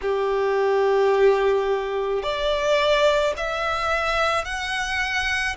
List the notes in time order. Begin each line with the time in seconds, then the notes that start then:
0.02 G4
2.22 D5
3.36 E5
4.44 F#5